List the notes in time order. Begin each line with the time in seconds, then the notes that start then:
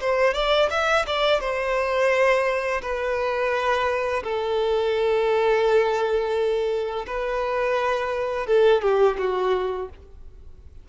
0.00 C5
0.34 D5
0.70 E5
1.06 D5
1.40 C5
2.81 B4
4.23 A4
7.07 B4
8.46 A4
8.81 G4
9.18 F#4